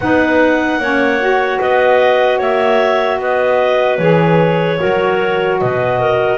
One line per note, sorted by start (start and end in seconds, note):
0.00 0.78 B3
0.00 0.81 D#4
0.00 0.80 B4
0.00 1.59 F#5
0.78 1.58 A#3
0.78 1.20 C#4
0.78 1.60 C#5
1.20 4.00 F#4
1.60 2.41 B3
1.60 2.38 B4
1.60 2.40 D#5
2.38 3.19 A#3
2.38 3.18 C#5
2.38 3.20 E5
3.19 3.98 B3
3.19 4.79 B4
3.19 3.97 D#5
3.97 4.78 E3
3.97 4.77 G#4
3.97 5.57 C#5
4.77 5.61 F#3
4.77 6.37 F#4
4.77 5.59 A#4
5.59 6.37 B2
5.59 5.99 B4
5.59 6.37 D#5
5.99 6.37 A#4